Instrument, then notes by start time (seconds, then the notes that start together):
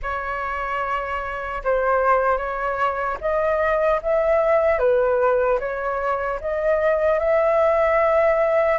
flute
0.02 C#5
1.64 C5
2.37 C#5
3.20 D#5
4.02 E5
4.79 B4
5.59 C#5
6.40 D#5
7.19 E5